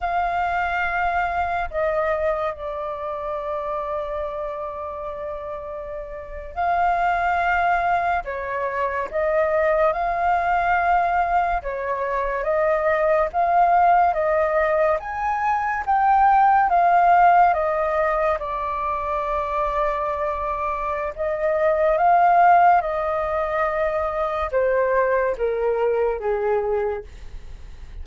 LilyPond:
\new Staff \with { instrumentName = "flute" } { \time 4/4 \tempo 4 = 71 f''2 dis''4 d''4~ | d''2.~ d''8. f''16~ | f''4.~ f''16 cis''4 dis''4 f''16~ | f''4.~ f''16 cis''4 dis''4 f''16~ |
f''8. dis''4 gis''4 g''4 f''16~ | f''8. dis''4 d''2~ d''16~ | d''4 dis''4 f''4 dis''4~ | dis''4 c''4 ais'4 gis'4 | }